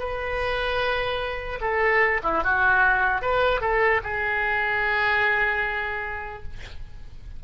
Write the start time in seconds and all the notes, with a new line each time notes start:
0.00 B4
1.61 A4
2.24 E4
2.44 F#4
3.22 B4
3.61 A4
4.04 G#4